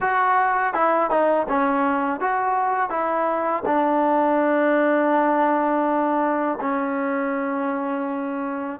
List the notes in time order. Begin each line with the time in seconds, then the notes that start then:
0.00 F#4
0.74 E4
1.10 D#4
1.48 C#4
2.20 F#4
2.89 E4
3.66 D4
6.60 C#4